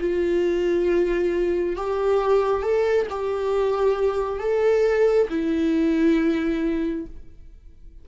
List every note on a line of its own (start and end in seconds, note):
0.00 1.76 F4
1.76 2.63 G4
2.63 3.07 A4
3.10 4.40 G4
4.40 5.28 A4
5.29 7.06 E4